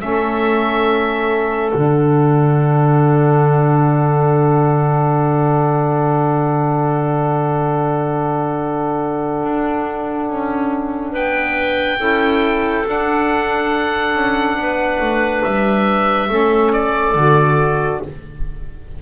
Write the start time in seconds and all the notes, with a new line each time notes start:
0.00 A3 C#4 A4 E5
1.72 D3 D4 F#5
9.44 D4
10.29 C#4
11.13 B3 B4 G5
11.98 C#4 E4 A4
12.85 D4 F#5
14.15 C#4
14.56 B3 B4
15.00 A3
15.44 G3 E5
16.28 A3 C#4 A4
16.73 D5
17.15 D3 F#4